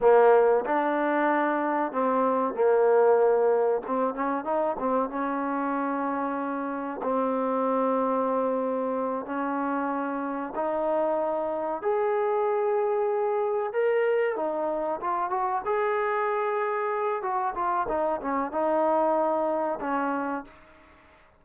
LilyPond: \new Staff \with { instrumentName = "trombone" } { \time 4/4 \tempo 4 = 94 ais4 d'2 c'4 | ais2 c'8 cis'8 dis'8 c'8 | cis'2. c'4~ | c'2~ c'8 cis'4.~ |
cis'8 dis'2 gis'4.~ | gis'4. ais'4 dis'4 f'8 | fis'8 gis'2~ gis'8 fis'8 f'8 | dis'8 cis'8 dis'2 cis'4 | }